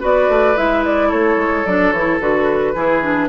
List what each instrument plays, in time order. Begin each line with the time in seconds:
0.00 bassoon B3, clarinet F#4, oboe B4, flute D5
0.29 bassoon A3
0.56 bassoon G#3, clarinet E4, flute E5
0.85 flute D5
1.08 bassoon A3, oboe A4, flute C#5
1.37 bassoon G#3
1.66 bassoon F#3, clarinet D4, flute D5
1.92 bassoon E3, clarinet E4, flute C#5
2.20 bassoon D3, clarinet F#4, flute B4
2.75 bassoon E3, clarinet E4, oboe G#4
3.02 clarinet D4